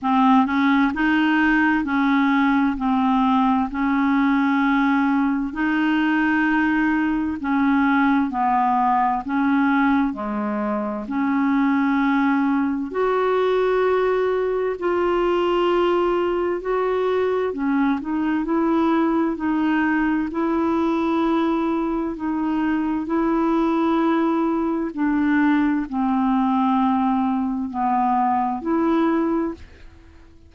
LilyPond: \new Staff \with { instrumentName = "clarinet" } { \time 4/4 \tempo 4 = 65 c'8 cis'8 dis'4 cis'4 c'4 | cis'2 dis'2 | cis'4 b4 cis'4 gis4 | cis'2 fis'2 |
f'2 fis'4 cis'8 dis'8 | e'4 dis'4 e'2 | dis'4 e'2 d'4 | c'2 b4 e'4 | }